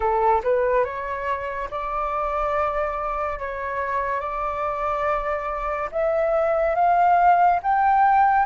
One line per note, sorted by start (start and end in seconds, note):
0.00 0.41 A4
0.43 0.84 B4
0.84 1.69 C#5
1.70 3.39 D5
3.39 4.20 C#5
4.20 5.89 D5
5.91 6.75 E5
6.75 7.59 F5
7.62 8.45 G5